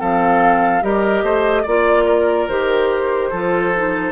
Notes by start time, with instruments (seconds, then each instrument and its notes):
0.00 bassoon F3, clarinet C4, oboe A4, flute F5
0.82 bassoon G3, clarinet G4, oboe A#4, flute D#5
1.23 bassoon A3, oboe C5
1.63 bassoon A#3, clarinet F4, oboe D5, flute D5
2.05 oboe A#4
2.48 bassoon D#3, clarinet G4, flute C5
3.31 bassoon F3, clarinet F4, oboe A4
3.76 clarinet D#4